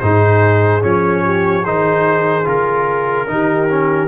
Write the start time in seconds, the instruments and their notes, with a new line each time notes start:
0.00 tuba G#2, trombone D#4, horn G#4, trumpet C5
0.81 tuba F3, trombone C#4, trumpet C#5
1.25 horn G4
1.63 tuba D#3, trombone D#4, horn G#4, trumpet C5
2.45 tuba C#3, trombone F4, trumpet A#4
3.28 tuba D#3, trombone D#4, horn G4
3.70 trombone C#4